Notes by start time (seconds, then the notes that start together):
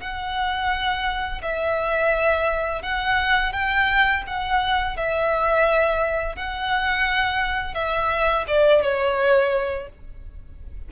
0.00 F#5
1.42 E5
2.82 F#5
3.52 G5
4.27 F#5
4.96 E5
6.36 F#5
7.74 E5
8.47 D5
8.82 C#5